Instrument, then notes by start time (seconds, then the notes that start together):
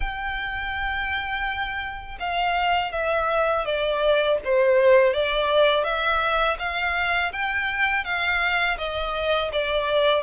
violin
0.00 G5
2.19 F5
2.92 E5
3.65 D5
4.44 C5
5.13 D5
5.84 E5
6.59 F5
7.32 G5
8.04 F5
8.78 D#5
9.52 D5